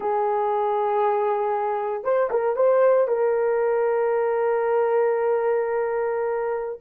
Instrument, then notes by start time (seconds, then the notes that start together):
horn
0.00 G#4
2.03 C5
2.30 A#4
2.56 C5
3.07 A#4